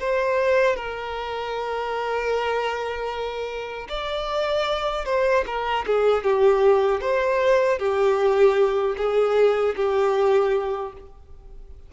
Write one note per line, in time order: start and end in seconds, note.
0.00 0.76 C5
0.76 3.87 A#4
3.89 5.05 D5
5.05 5.44 C5
5.47 5.85 A#4
5.86 6.24 G#4
6.24 7.01 G4
7.01 7.79 C5
7.79 8.96 G4
8.97 9.75 G#4
9.76 10.93 G4